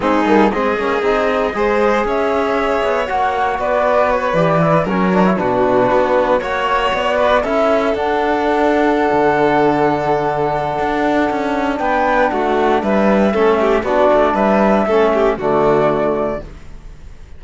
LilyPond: <<
  \new Staff \with { instrumentName = "flute" } { \time 4/4 \tempo 4 = 117 gis'4 dis''2. | e''2 fis''4 d''4 | cis''8 d''4 cis''4 b'4.~ | b'8 cis''4 d''4 e''4 fis''8~ |
fis''1~ | fis''2. g''4 | fis''4 e''2 d''4 | e''2 d''2 | }
  \new Staff \with { instrumentName = "violin" } { \time 4/4 dis'4 gis'2 c''4 | cis''2. b'4~ | b'4. ais'4 fis'4.~ | fis'8 cis''4. b'8 a'4.~ |
a'1~ | a'2. b'4 | fis'4 b'4 a'8 g'8 fis'4 | b'4 a'8 g'8 fis'2 | }
  \new Staff \with { instrumentName = "trombone" } { \time 4/4 c'8 ais8 c'8 cis'8 dis'4 gis'4~ | gis'2 fis'2~ | fis'8 g'8 e'8 cis'8 d'16 e'16 d'4.~ | d'8 fis'2 e'4 d'8~ |
d'1~ | d'1~ | d'2 cis'4 d'4~ | d'4 cis'4 a2 | }
  \new Staff \with { instrumentName = "cello" } { \time 4/4 gis8 g8 gis8 ais8 c'4 gis4 | cis'4. b8 ais4 b4~ | b8 e4 fis4 b,4 b8~ | b8 ais4 b4 cis'4 d'8~ |
d'4.~ d'16 d2~ d16~ | d4 d'4 cis'4 b4 | a4 g4 a4 b8 a8 | g4 a4 d2 | }
>>